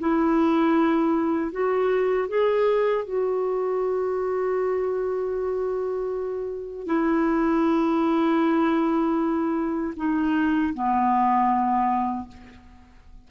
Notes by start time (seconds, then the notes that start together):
0.00 E4
1.52 F#4
2.29 G#4
3.05 F#4
6.87 E4
9.97 D#4
10.74 B3